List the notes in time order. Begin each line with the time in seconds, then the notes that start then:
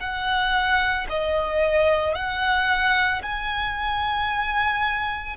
0.00 F#5
1.10 D#5
2.15 F#5
3.22 G#5